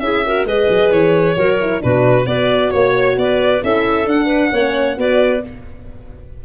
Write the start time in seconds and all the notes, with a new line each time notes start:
0.00 C#4 E4 G#4 E5
0.26 F#4 A#4
0.45 G#3 G#4 B4 D#5
0.69 F#3
0.92 E3 C#5
1.37 F#3 F#4 A#4
1.61 E4
1.81 B2 D4 F#4 B4
2.26 B3 F#4 B4 D5
2.71 A#3 C#5
3.17 B3 B4 D5
3.62 C#4 E4 A4 E5
4.06 D4 F#5
4.26 B4
4.52 A#3 C#4 C#5
4.97 B3 F#4 B4 D5